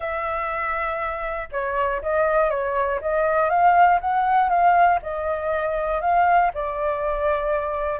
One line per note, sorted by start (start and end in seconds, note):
0.00 1.48 E5
1.51 2.01 C#5
2.02 2.50 D#5
2.50 3.00 C#5
3.01 3.49 D#5
3.49 3.99 F5
4.00 4.49 F#5
4.49 4.99 F5
5.02 6.01 D#5
6.01 6.51 F5
6.54 7.99 D5